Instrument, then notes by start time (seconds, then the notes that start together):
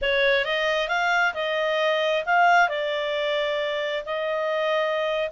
clarinet
0.01 C#5
0.44 D#5
0.88 F5
1.34 D#5
2.25 F5
2.68 D5
4.05 D#5